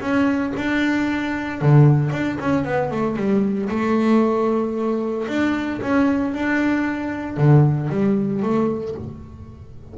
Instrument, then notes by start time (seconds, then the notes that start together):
double bass
0.00 C#4
0.56 D4
1.61 D3
2.11 D4
2.40 C#4
2.64 B3
2.90 A3
3.16 G3
3.69 A3
5.28 D4
5.82 C#4
6.33 D4
7.37 D3
7.89 G3
8.42 A3